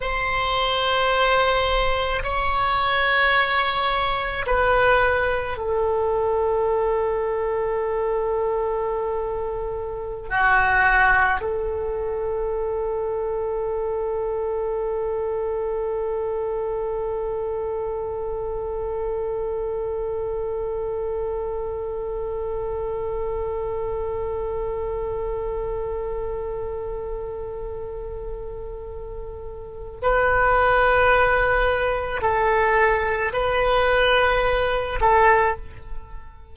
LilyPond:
\new Staff \with { instrumentName = "oboe" } { \time 4/4 \tempo 4 = 54 c''2 cis''2 | b'4 a'2.~ | a'4~ a'16 fis'4 a'4.~ a'16~ | a'1~ |
a'1~ | a'1~ | a'2. b'4~ | b'4 a'4 b'4. a'8 | }